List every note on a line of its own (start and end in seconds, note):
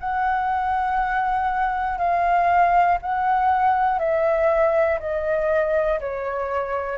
0.00 1.98 F#5
1.98 2.98 F5
3.02 3.99 F#5
3.99 4.99 E5
5.00 6.00 D#5
6.00 6.98 C#5